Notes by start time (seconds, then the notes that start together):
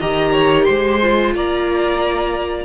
0.00 D#3 G4 D#5 A#5
0.32 C#5
0.65 G#3 C5 C6
1.01 F4
1.34 A#3 D5 A#5